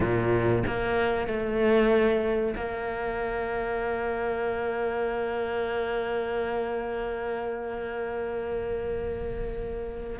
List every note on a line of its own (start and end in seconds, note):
0.00 0.63 A#2
0.66 1.27 A#3
1.27 2.54 A3
2.56 10.19 A#3